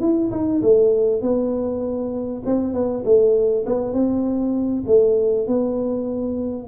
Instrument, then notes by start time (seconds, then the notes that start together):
tuba
0.00 E4
0.31 D#4
0.62 A3
1.21 B3
2.45 C4
2.73 B3
3.04 A3
3.66 B3
3.93 C4
4.87 A3
5.47 B3